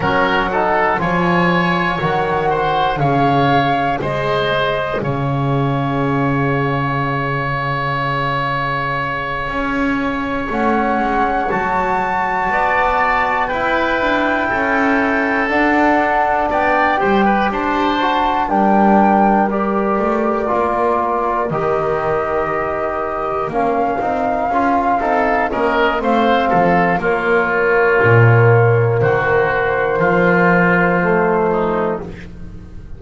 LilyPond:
<<
  \new Staff \with { instrumentName = "flute" } { \time 4/4 \tempo 4 = 60 fis''4 gis''4 fis''4 f''4 | dis''4 f''2.~ | f''2~ f''8 fis''4 a''8~ | a''4. g''2 fis''8~ |
fis''8 g''4 a''4 g''4 d''8~ | d''4. dis''2 f''8~ | f''4. dis''8 f''4 cis''4~ | cis''4 c''2. | }
  \new Staff \with { instrumentName = "oboe" } { \time 4/4 ais'8 a'8 cis''4. c''8 cis''4 | c''4 cis''2.~ | cis''1~ | cis''8 d''4 b'4 a'4.~ |
a'8 d''8 c''16 b'16 c''4 ais'4.~ | ais'1~ | ais'4 a'8 ais'8 c''8 a'8 f'4~ | f'4 fis'4 f'4. dis'8 | }
  \new Staff \with { instrumentName = "trombone" } { \time 4/4 cis'8 dis'8 f'4 fis'4 gis'4~ | gis'1~ | gis'2~ gis'8 cis'4 fis'8~ | fis'4. e'2 d'8~ |
d'4 g'4 fis'8 d'4 g'8~ | g'8 f'4 g'2 cis'8 | dis'8 f'8 dis'8 cis'8 c'4 ais4~ | ais2. a4 | }
  \new Staff \with { instrumentName = "double bass" } { \time 4/4 fis4 f4 dis4 cis4 | gis4 cis2.~ | cis4. cis'4 a8 gis8 fis8~ | fis8 b4 e'8 d'8 cis'4 d'8~ |
d'8 b8 g8 d'4 g4. | a8 ais4 dis2 ais8 | c'8 cis'8 c'8 ais8 a8 f8 ais4 | ais,4 dis4 f2 | }
>>